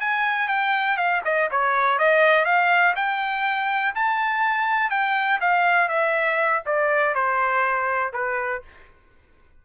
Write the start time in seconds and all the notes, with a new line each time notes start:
0.00 G#5
0.48 G5
0.97 F5
1.25 D#5
1.51 C#5
1.99 D#5
2.45 F5
2.96 G5
3.95 A5
4.90 G5
5.41 F5
5.89 E5
6.66 D5
7.14 C5
8.13 B4